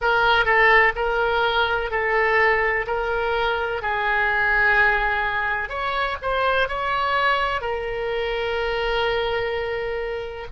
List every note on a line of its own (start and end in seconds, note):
0.01 0.45 A#4
0.45 0.93 A4
0.95 1.90 A#4
1.90 2.86 A4
2.87 3.81 A#4
3.81 5.69 G#4
5.69 6.16 C#5
6.22 6.68 C5
6.68 7.61 C#5
7.61 10.46 A#4